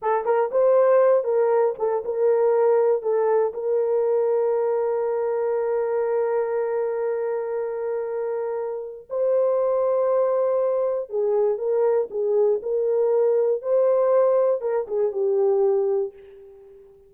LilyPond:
\new Staff \with { instrumentName = "horn" } { \time 4/4 \tempo 4 = 119 a'8 ais'8 c''4. ais'4 a'8 | ais'2 a'4 ais'4~ | ais'1~ | ais'1~ |
ais'2 c''2~ | c''2 gis'4 ais'4 | gis'4 ais'2 c''4~ | c''4 ais'8 gis'8 g'2 | }